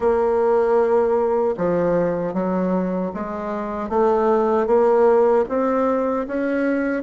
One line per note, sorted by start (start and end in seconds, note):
0.00 1.55 A#3
1.57 2.33 F3
2.33 3.11 F#3
3.13 3.89 G#3
3.89 4.66 A3
4.66 5.44 A#3
5.48 6.26 C4
6.27 7.03 C#4